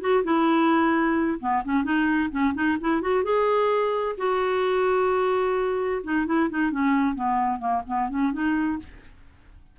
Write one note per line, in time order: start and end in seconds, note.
0.00 0.23 F#4
0.23 1.39 E4
1.40 1.63 B3
1.64 1.83 C#4
1.83 2.30 D#4
2.31 2.54 C#4
2.54 2.77 D#4
2.80 3.01 E4
3.01 3.23 F#4
3.23 4.16 G#4
4.17 6.02 F#4
6.03 6.26 D#4
6.26 6.49 E4
6.50 6.71 D#4
6.71 7.15 C#4
7.15 7.59 B3
7.59 7.82 A#3
7.87 8.09 B3
8.09 8.32 C#4
8.32 8.79 D#4